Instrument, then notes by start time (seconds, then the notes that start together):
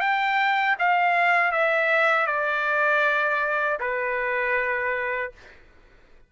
trumpet
0.00 G5
0.79 F5
1.52 E5
2.26 D5
3.80 B4